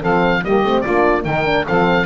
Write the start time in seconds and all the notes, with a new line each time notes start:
0.00 F3 C4 A4 F5
0.43 G3 A#3 G4 D#5
0.64 A3 C4
0.81 A#3 D4 F4 D5
1.24 D#3 D#4 A#4 G5
1.45 D4
1.66 F3 C4 A4 F5